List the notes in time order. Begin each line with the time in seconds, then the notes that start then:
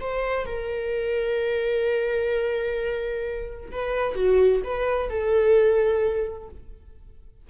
0.00 C5
0.45 A#4
3.71 B4
4.15 F#4
4.64 B4
5.10 A4